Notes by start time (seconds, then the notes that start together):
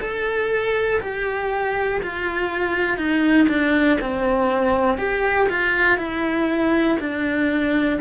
0.00 A4
1.00 G4
2.02 F4
2.97 D#4
3.48 D4
4.00 C4
4.98 G4
5.49 F4
5.97 E4
7.00 D4